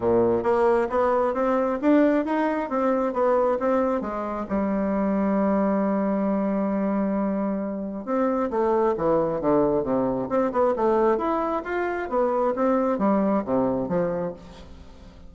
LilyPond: \new Staff \with { instrumentName = "bassoon" } { \time 4/4 \tempo 4 = 134 ais,4 ais4 b4 c'4 | d'4 dis'4 c'4 b4 | c'4 gis4 g2~ | g1~ |
g2 c'4 a4 | e4 d4 c4 c'8 b8 | a4 e'4 f'4 b4 | c'4 g4 c4 f4 | }